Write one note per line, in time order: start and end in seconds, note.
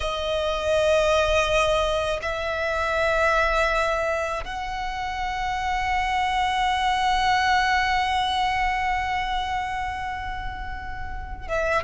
0.00 2.19 D#5
2.22 4.44 E5
4.44 11.47 F#5
11.47 11.84 E5